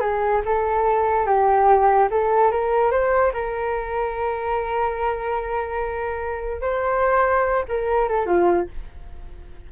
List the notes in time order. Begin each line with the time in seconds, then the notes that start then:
0.00 G#4
0.45 A4
1.26 G4
2.11 A4
2.51 A#4
2.91 C5
3.33 A#4
6.61 C5
7.68 A#4
8.08 A4
8.26 F4